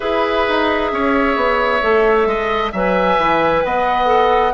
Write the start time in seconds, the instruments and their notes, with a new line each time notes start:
0.00 bassoon E4, clarinet G#4, oboe B4, flute E5
0.48 bassoon D#4
0.91 bassoon C#4, oboe C#5
1.36 bassoon B3
1.81 bassoon A3, clarinet A4
2.26 bassoon G#3, oboe D#5
2.72 bassoon F#3, clarinet B4, oboe E5, flute G#5
3.18 bassoon E3
3.64 bassoon B3, oboe D#5, flute F#5
4.05 clarinet A4